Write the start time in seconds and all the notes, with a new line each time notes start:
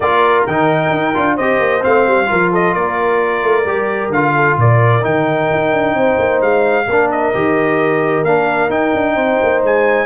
0.00 A#3 F4 A#4 D5
0.46 D#3 D#4 G5
0.90 D#4
1.14 D4 F4
1.35 C4 G4 C5 D#5
1.59 A#3
1.80 A3 C4 F5
2.07 G3
2.26 F3 F4 A#4
2.51 A4 D#5
2.74 A#3 A#4 D5
3.42 A3
3.65 G3 G4
4.09 D3 F4 F5
4.35 A4
4.57 A#2 A#4 D5
5.01 D#3 D#4 G5
5.51 D#4
5.72 D4
5.94 C4 C5
6.18 A#3
6.41 G#3 F5
6.86 A#3 D4 A#4
7.11 D#5
7.34 D#3 G4
8.23 A#3 D4 F5
8.69 D#4 G5
8.94 D4
9.15 C4 C5
9.42 A#3
9.63 G#3 G#5